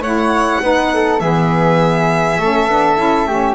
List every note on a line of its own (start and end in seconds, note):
0.00 0.59 A3
0.00 0.62 E4
0.00 0.61 C#5
0.00 1.20 F#5
0.62 1.20 B3
0.62 1.21 D#4
0.62 0.92 B4
0.94 1.23 A4
1.20 2.38 E3
1.20 2.39 B3
1.20 2.39 G#4
1.20 3.55 E5
2.38 2.67 A3
2.38 2.70 C#4
2.38 3.28 A4
2.67 2.97 B3
2.67 2.98 D4
2.97 3.26 C#4
2.97 3.27 E4
3.26 3.55 A3
3.26 3.55 C#4
3.26 3.55 G4